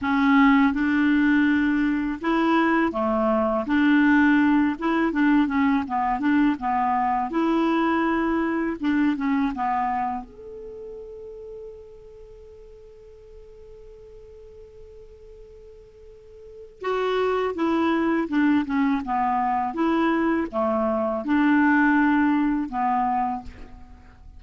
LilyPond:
\new Staff \with { instrumentName = "clarinet" } { \time 4/4 \tempo 4 = 82 cis'4 d'2 e'4 | a4 d'4. e'8 d'8 cis'8 | b8 d'8 b4 e'2 | d'8 cis'8 b4 a'2~ |
a'1~ | a'2. fis'4 | e'4 d'8 cis'8 b4 e'4 | a4 d'2 b4 | }